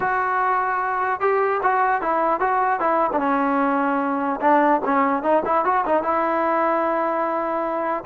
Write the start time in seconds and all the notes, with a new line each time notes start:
0.00 F#4
1.20 G4
1.63 F#4
2.01 E4
2.40 F#4
2.80 E4
3.13 D4
3.19 C#4
4.40 D4
4.84 C#4
5.22 D#4
5.45 E4
5.64 F#4
5.85 D#4
6.02 E4